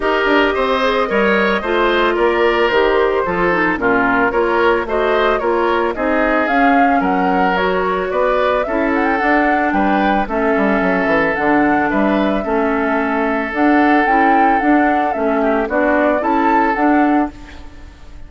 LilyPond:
<<
  \new Staff \with { instrumentName = "flute" } { \time 4/4 \tempo 4 = 111 dis''1 | d''4 c''2 ais'4 | cis''4 dis''4 cis''4 dis''4 | f''4 fis''4 cis''4 d''4 |
e''8 fis''16 g''16 fis''4 g''4 e''4~ | e''4 fis''4 e''2~ | e''4 fis''4 g''4 fis''4 | e''4 d''4 a''4 fis''4 | }
  \new Staff \with { instrumentName = "oboe" } { \time 4/4 ais'4 c''4 cis''4 c''4 | ais'2 a'4 f'4 | ais'4 c''4 ais'4 gis'4~ | gis'4 ais'2 b'4 |
a'2 b'4 a'4~ | a'2 b'4 a'4~ | a'1~ | a'8 g'8 fis'4 a'2 | }
  \new Staff \with { instrumentName = "clarinet" } { \time 4/4 g'4. gis'8 ais'4 f'4~ | f'4 g'4 f'8 dis'8 cis'4 | f'4 fis'4 f'4 dis'4 | cis'2 fis'2 |
e'4 d'2 cis'4~ | cis'4 d'2 cis'4~ | cis'4 d'4 e'4 d'4 | cis'4 d'4 e'4 d'4 | }
  \new Staff \with { instrumentName = "bassoon" } { \time 4/4 dis'8 d'8 c'4 g4 a4 | ais4 dis4 f4 ais,4 | ais4 a4 ais4 c'4 | cis'4 fis2 b4 |
cis'4 d'4 g4 a8 g8 | fis8 e8 d4 g4 a4~ | a4 d'4 cis'4 d'4 | a4 b4 cis'4 d'4 | }
>>